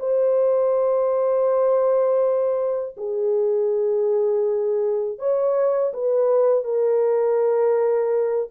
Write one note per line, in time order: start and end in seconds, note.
0.00 2.96 C5
2.97 5.19 G#4
5.19 5.93 C#5
5.94 6.65 B4
6.65 8.50 A#4